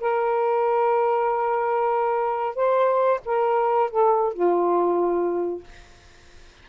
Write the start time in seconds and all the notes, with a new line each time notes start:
0.00 A#4
2.55 C5
3.25 A#4
3.90 A4
4.33 F4